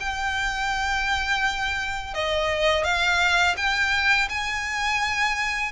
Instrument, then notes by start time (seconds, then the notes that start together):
violin
0.00 G5
2.14 D#5
2.84 F5
3.57 G5
4.29 G#5